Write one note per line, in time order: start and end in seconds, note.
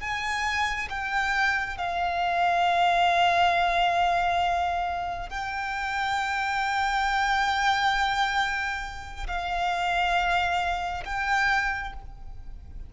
0.00 0.88 G#5
0.89 1.77 G5
1.77 5.29 F5
5.29 9.26 G5
9.27 11.03 F5
11.05 11.93 G5